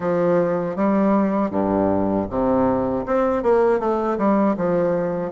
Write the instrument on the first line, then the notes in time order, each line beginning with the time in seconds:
bassoon
0.00 F3
0.76 G3
1.50 G2
2.30 C3
3.06 C4
3.42 A#3
3.79 A3
4.17 G3
4.56 F3